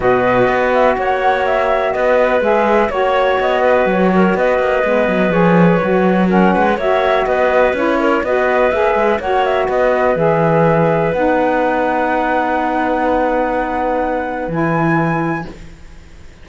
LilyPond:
<<
  \new Staff \with { instrumentName = "flute" } { \time 4/4 \tempo 4 = 124 dis''4. e''8 fis''4 e''4 | dis''4 e''4 cis''4 dis''4 | cis''4 dis''2 cis''4~ | cis''4 fis''4 e''4 dis''4 |
cis''4 dis''4 e''4 fis''8 e''8 | dis''4 e''2 fis''4~ | fis''1~ | fis''2 gis''2 | }
  \new Staff \with { instrumentName = "clarinet" } { \time 4/4 b'2 cis''2 | b'2 cis''4. b'8~ | b'8 ais'8 b'2.~ | b'4 ais'8 b'8 cis''4 b'4~ |
b'8 ais'8 b'2 cis''4 | b'1~ | b'1~ | b'1 | }
  \new Staff \with { instrumentName = "saxophone" } { \time 4/4 fis'1~ | fis'4 gis'4 fis'2~ | fis'2 b4 gis'4 | fis'4 cis'4 fis'2 |
e'4 fis'4 gis'4 fis'4~ | fis'4 gis'2 dis'4~ | dis'1~ | dis'2 e'2 | }
  \new Staff \with { instrumentName = "cello" } { \time 4/4 b,4 b4 ais2 | b4 gis4 ais4 b4 | fis4 b8 ais8 gis8 fis8 f4 | fis4. gis8 ais4 b4 |
cis'4 b4 ais8 gis8 ais4 | b4 e2 b4~ | b1~ | b2 e2 | }
>>